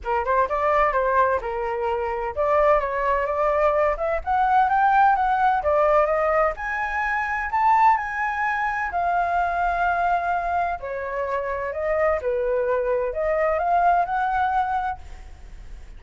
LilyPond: \new Staff \with { instrumentName = "flute" } { \time 4/4 \tempo 4 = 128 ais'8 c''8 d''4 c''4 ais'4~ | ais'4 d''4 cis''4 d''4~ | d''8 e''8 fis''4 g''4 fis''4 | d''4 dis''4 gis''2 |
a''4 gis''2 f''4~ | f''2. cis''4~ | cis''4 dis''4 b'2 | dis''4 f''4 fis''2 | }